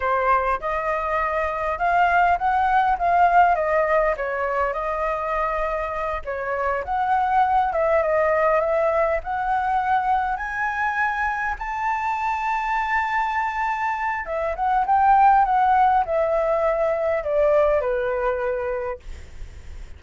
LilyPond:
\new Staff \with { instrumentName = "flute" } { \time 4/4 \tempo 4 = 101 c''4 dis''2 f''4 | fis''4 f''4 dis''4 cis''4 | dis''2~ dis''8 cis''4 fis''8~ | fis''4 e''8 dis''4 e''4 fis''8~ |
fis''4. gis''2 a''8~ | a''1 | e''8 fis''8 g''4 fis''4 e''4~ | e''4 d''4 b'2 | }